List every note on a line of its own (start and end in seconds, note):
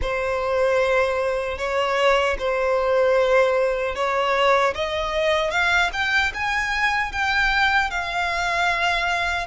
0.01 1.58 C5
1.58 2.36 C#5
2.39 3.95 C5
3.95 4.74 C#5
4.74 5.50 D#5
5.50 5.90 F5
5.92 6.32 G5
6.34 7.12 G#5
7.12 7.90 G5
7.90 9.46 F5